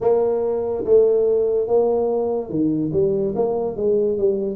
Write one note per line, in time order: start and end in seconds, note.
0.00 0.84 A#3
0.84 1.67 A3
1.67 2.49 A#3
2.49 2.91 D#3
2.92 3.34 G3
3.35 3.76 A#3
3.76 4.17 G#3
4.17 4.56 G3